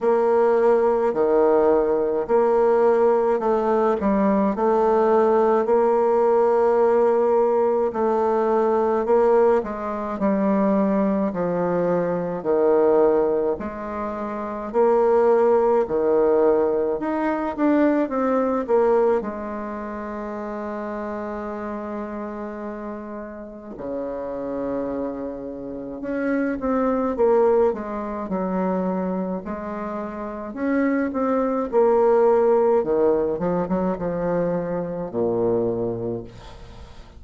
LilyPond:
\new Staff \with { instrumentName = "bassoon" } { \time 4/4 \tempo 4 = 53 ais4 dis4 ais4 a8 g8 | a4 ais2 a4 | ais8 gis8 g4 f4 dis4 | gis4 ais4 dis4 dis'8 d'8 |
c'8 ais8 gis2.~ | gis4 cis2 cis'8 c'8 | ais8 gis8 fis4 gis4 cis'8 c'8 | ais4 dis8 f16 fis16 f4 ais,4 | }